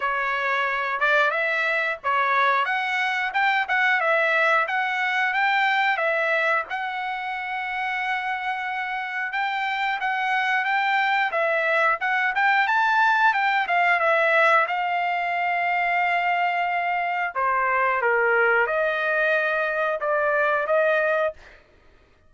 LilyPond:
\new Staff \with { instrumentName = "trumpet" } { \time 4/4 \tempo 4 = 90 cis''4. d''8 e''4 cis''4 | fis''4 g''8 fis''8 e''4 fis''4 | g''4 e''4 fis''2~ | fis''2 g''4 fis''4 |
g''4 e''4 fis''8 g''8 a''4 | g''8 f''8 e''4 f''2~ | f''2 c''4 ais'4 | dis''2 d''4 dis''4 | }